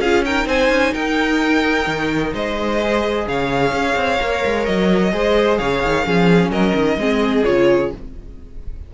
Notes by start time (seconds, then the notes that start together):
0.00 C#4 F4 G#4 F5
0.25 D#4 A#4 G5
0.46 C4 C5 G#5
0.69 C#4
0.93 D#4 A#4 G5
1.87 D#3
2.34 G#3 C5 D#5
2.82 G#4
3.27 C#3 C#5 F5
3.72 C#4
3.96 C4
4.20 A#3 A#4
4.45 G#3
4.66 F#3 D#5
5.12 G#3 G#4 C5
5.58 C#3 C#5 F5
5.83 D#3
6.04 F3 C#4 G#4
6.50 F#3 A#4 D#5
6.74 D#3
6.97 G#3 C4 G#4
7.44 C#3 F4 C#5